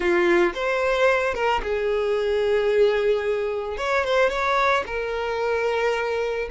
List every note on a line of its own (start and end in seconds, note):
0.00 0.52 F4
0.54 1.34 C5
1.34 1.61 A#4
1.62 3.77 G#4
3.77 4.04 C#5
4.04 4.29 C5
4.29 4.83 C#5
4.86 6.48 A#4